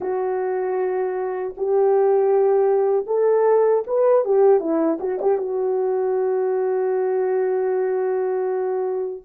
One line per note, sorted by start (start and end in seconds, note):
0.00 1.54 F#4
1.57 3.06 G4
3.06 3.83 A4
3.86 4.24 B4
4.24 4.59 G4
4.59 4.98 E4
5.00 5.19 F#4
5.21 5.37 G4
5.37 9.22 F#4